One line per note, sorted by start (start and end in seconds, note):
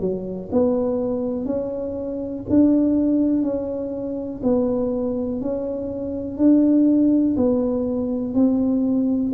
0.00 0.49 F#3
0.51 1.45 B3
1.45 2.44 C#4
2.49 3.42 D4
3.42 4.41 C#4
4.43 5.41 B3
5.41 6.37 C#4
6.37 7.35 D4
7.37 8.34 B3
8.34 9.33 C4